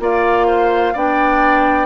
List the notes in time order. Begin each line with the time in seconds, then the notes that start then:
0.00 A#3 F4 D5 F5
0.47 C5
0.94 B3 D4 D5 G5